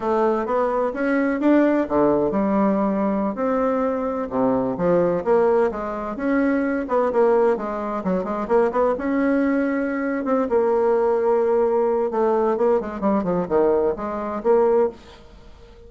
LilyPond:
\new Staff \with { instrumentName = "bassoon" } { \time 4/4 \tempo 4 = 129 a4 b4 cis'4 d'4 | d4 g2~ g16 c'8.~ | c'4~ c'16 c4 f4 ais8.~ | ais16 gis4 cis'4. b8 ais8.~ |
ais16 gis4 fis8 gis8 ais8 b8 cis'8.~ | cis'2 c'8 ais4.~ | ais2 a4 ais8 gis8 | g8 f8 dis4 gis4 ais4 | }